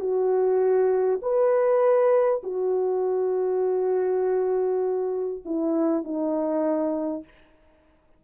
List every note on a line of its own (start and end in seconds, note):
0.00 1.20 F#4
1.22 2.42 B4
2.43 5.43 F#4
5.45 6.04 E4
6.04 7.24 D#4